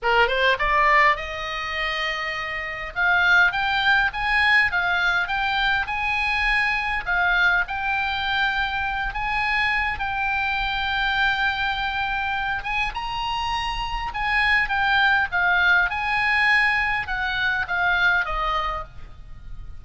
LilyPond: \new Staff \with { instrumentName = "oboe" } { \time 4/4 \tempo 4 = 102 ais'8 c''8 d''4 dis''2~ | dis''4 f''4 g''4 gis''4 | f''4 g''4 gis''2 | f''4 g''2~ g''8 gis''8~ |
gis''4 g''2.~ | g''4. gis''8 ais''2 | gis''4 g''4 f''4 gis''4~ | gis''4 fis''4 f''4 dis''4 | }